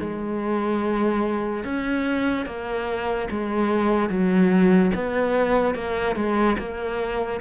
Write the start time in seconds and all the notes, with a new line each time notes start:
0.00 G#3
1.64 C#4
2.46 A#3
3.31 G#3
4.09 F#3
4.95 B3
5.75 A#3
6.16 G#3
6.58 A#3